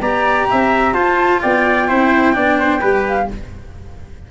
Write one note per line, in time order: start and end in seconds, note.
0.00 0.47 B3
0.00 0.94 G4
0.00 0.48 D5
0.00 0.93 A#5
0.50 0.93 C4
0.50 0.94 E5
0.93 1.39 F4
0.93 1.88 F4
0.93 1.40 C5
0.93 1.40 A5
1.41 1.90 B3
1.41 1.88 D5
1.41 3.05 G5
1.88 2.36 C4
1.88 2.33 E4
1.88 2.35 C5
2.33 2.82 B3
2.33 2.80 D4
2.33 2.59 D5
2.59 2.80 C5
2.80 3.29 G3
2.80 3.28 G4
2.80 3.27 B4
3.07 3.31 F5